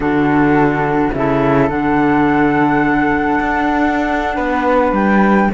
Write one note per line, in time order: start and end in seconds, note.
0.00 1.09 D3
0.00 1.13 D4
0.00 1.14 F#4
0.00 1.12 A4
1.12 1.69 C#3
1.12 1.69 E4
1.12 4.35 A4
1.12 1.69 E5
1.69 3.39 D3
1.69 5.51 D4
1.69 4.94 F#5
3.40 4.37 D4
4.35 4.92 B3
4.35 5.48 B4
4.92 5.48 G3
4.92 5.51 G5